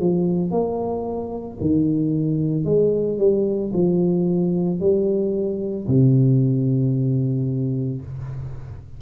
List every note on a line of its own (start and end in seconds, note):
0.00 0.51 F3
0.51 1.58 A#3
1.61 2.65 D#3
2.65 3.19 G#3
3.19 3.72 G3
3.74 4.80 F3
4.80 5.87 G3
5.87 8.02 C3